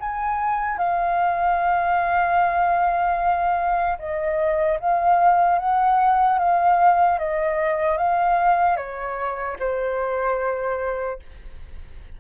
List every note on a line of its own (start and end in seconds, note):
0.00 0.78 G#5
0.78 3.98 F5
3.99 4.79 D#5
4.80 5.59 F5
5.59 6.38 F#5
6.38 7.18 F5
7.18 7.97 D#5
7.97 8.76 F5
8.76 9.56 C#5
9.59 11.19 C5